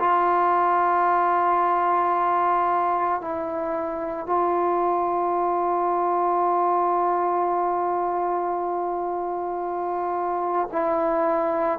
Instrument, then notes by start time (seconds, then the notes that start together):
trombone
0.00 F4
3.21 E4
4.27 F4
10.72 E4